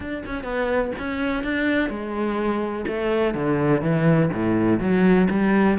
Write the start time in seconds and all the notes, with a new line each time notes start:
0.00 D4
0.26 C#4
0.43 B3
0.99 C#4
1.43 D4
1.89 G#3
2.87 A3
3.34 D3
3.81 E3
4.33 A2
4.80 F#3
5.30 G3